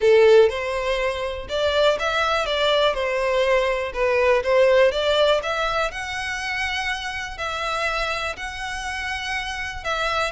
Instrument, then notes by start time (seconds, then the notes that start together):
violin
0.00 A4
0.49 C5
1.48 D5
1.99 E5
2.46 D5
2.94 C5
3.93 B4
4.43 C5
4.91 D5
5.42 E5
5.91 F#5
7.37 E5
8.36 F#5
9.84 E5